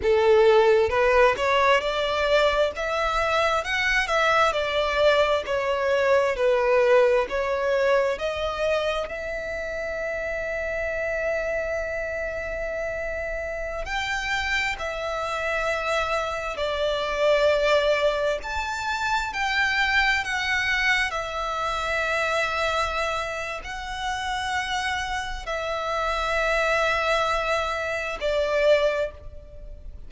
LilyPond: \new Staff \with { instrumentName = "violin" } { \time 4/4 \tempo 4 = 66 a'4 b'8 cis''8 d''4 e''4 | fis''8 e''8 d''4 cis''4 b'4 | cis''4 dis''4 e''2~ | e''2.~ e''16 g''8.~ |
g''16 e''2 d''4.~ d''16~ | d''16 a''4 g''4 fis''4 e''8.~ | e''2 fis''2 | e''2. d''4 | }